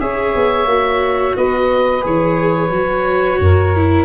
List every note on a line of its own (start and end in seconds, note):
0.00 0.35 C#4
0.00 0.68 G#4
0.00 1.37 C#5
0.00 1.37 E5
0.35 0.66 B3
0.66 1.35 A#3
0.66 2.01 F#4
1.37 2.05 B3
1.37 3.41 B4
1.37 2.05 D#5
2.01 2.70 E3
2.01 2.69 G#4
2.01 4.05 C#5
2.70 3.39 F#3
2.70 3.77 F#4
3.40 4.05 F#2
3.40 4.05 A#4
3.77 4.05 E4